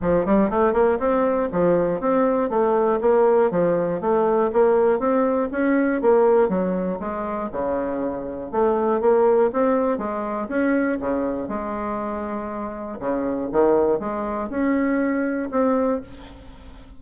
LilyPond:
\new Staff \with { instrumentName = "bassoon" } { \time 4/4 \tempo 4 = 120 f8 g8 a8 ais8 c'4 f4 | c'4 a4 ais4 f4 | a4 ais4 c'4 cis'4 | ais4 fis4 gis4 cis4~ |
cis4 a4 ais4 c'4 | gis4 cis'4 cis4 gis4~ | gis2 cis4 dis4 | gis4 cis'2 c'4 | }